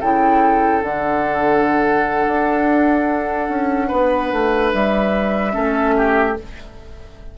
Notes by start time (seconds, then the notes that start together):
0.00 C#3 E4 A4 G5
0.82 D3 D4 F#5
2.27 D4
3.49 C#4
3.87 B3 B4
4.32 A3
4.73 G3 E5
5.52 A3 C#4 A4
5.96 G4